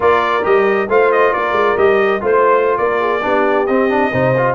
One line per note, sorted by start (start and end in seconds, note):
0.00 0.44 A#3
0.00 0.42 F4
0.00 0.89 A#4
0.00 0.45 D5
0.43 0.89 G3
0.43 0.87 G4
0.43 0.89 D#5
0.89 1.33 A3
0.89 1.77 F4
0.89 1.32 C5
0.89 1.12 F5
1.12 1.33 D#5
1.32 1.52 A#3
1.32 2.21 A#4
1.32 1.77 D5
1.52 1.74 G#3
1.77 2.21 G3
1.77 2.20 G4
1.77 2.21 D#5
2.20 2.77 A3
2.20 3.20 F4
2.20 2.78 C5
2.20 2.77 C5
2.77 3.23 A#3
2.77 3.00 A#4
2.77 3.66 D5
3.00 3.22 G#4
3.22 3.68 B3
3.22 3.66 D4
3.22 4.11 G4
3.66 4.12 C4
3.66 3.89 C4
3.66 4.54 D#5
3.89 4.11 D4
4.11 4.54 C3
4.11 4.35 D#4
4.11 4.54 C5
4.37 4.54 F4